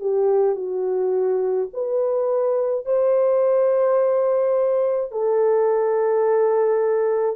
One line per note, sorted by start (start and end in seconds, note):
0.00 0.55 G4
0.55 1.68 F#4
1.73 2.85 B4
2.85 5.11 C5
5.11 7.36 A4